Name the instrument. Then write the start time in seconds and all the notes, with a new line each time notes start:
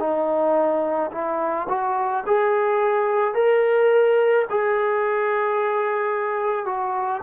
trombone
0.00 D#4
1.12 E4
1.69 F#4
2.27 G#4
3.35 A#4
4.51 G#4
6.66 F#4